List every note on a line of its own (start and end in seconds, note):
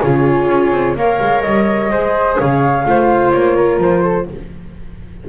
0.00 0.48 C#3
0.00 0.97 F4
0.00 0.94 G#4
0.00 0.96 C#5
0.48 0.71 C#4
0.71 0.95 C4
0.95 1.19 A#3
0.95 1.93 A#4
0.95 1.92 C#5
0.95 1.41 F5
1.20 1.44 G#3
1.41 1.90 G3
1.41 2.36 D#5
1.90 2.37 G#3
1.90 2.85 G#4
1.90 2.39 C5
2.39 2.85 C#3
2.39 2.86 C#5
2.39 3.32 F5
2.85 3.33 A3
2.85 4.27 F4
2.85 3.56 C5
3.32 3.79 A#3
3.32 3.80 C#5
3.56 4.02 A#4
3.79 4.26 F3
3.79 4.28 C5
4.02 4.26 A4